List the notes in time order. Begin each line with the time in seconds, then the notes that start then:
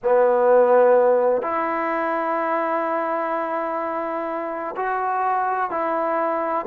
0.03 B3
1.42 E4
4.76 F#4
5.70 E4